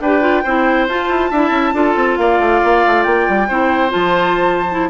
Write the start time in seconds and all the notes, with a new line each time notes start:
0.00 D4 G4 B4 G5
0.21 F4
0.43 C4 E4 C5
0.88 F4 A5
1.08 E4
1.30 D4 E4 E5
1.50 C#4
1.73 D4 F4 A4
1.95 C4
2.16 A#3 D5 F5
2.39 A3
2.63 A#3
2.86 A3
3.03 A#3 G5
3.28 G3
3.48 C4 E4 C5
3.89 F3 F4 A5
4.71 E4